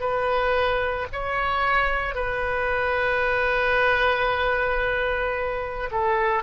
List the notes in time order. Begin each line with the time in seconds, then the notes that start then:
0.00 B4
1.12 C#5
2.15 B4
5.91 A4